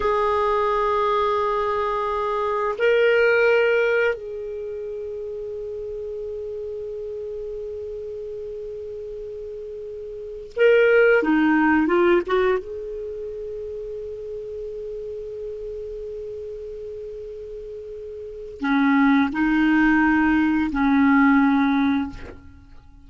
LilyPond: \new Staff \with { instrumentName = "clarinet" } { \time 4/4 \tempo 4 = 87 gis'1 | ais'2 gis'2~ | gis'1~ | gis'2.~ gis'16 ais'8.~ |
ais'16 dis'4 f'8 fis'8 gis'4.~ gis'16~ | gis'1~ | gis'2. cis'4 | dis'2 cis'2 | }